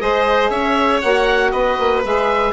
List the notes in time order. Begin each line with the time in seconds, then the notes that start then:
0.00 G#3 G#4 C5 D#5
0.50 C#4 C#5 E5
1.02 A#3 F#4 F#5
1.52 B3 B4 D#5
1.79 A#3
2.04 G#3 G#4 E5